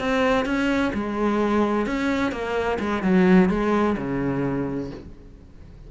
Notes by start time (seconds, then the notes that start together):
0.00 C4
0.46 C#4
0.94 G#3
1.86 C#4
2.32 A#3
2.80 G#3
3.03 F#3
3.50 G#3
3.98 C#3